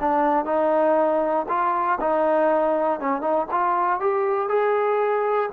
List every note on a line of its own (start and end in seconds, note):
0.00 0.45 D4
0.45 1.46 D#4
1.48 1.99 F4
2.00 3.00 D#4
3.00 3.21 C#4
3.21 3.47 D#4
3.51 4.00 F4
4.00 4.49 G4
4.49 5.50 G#4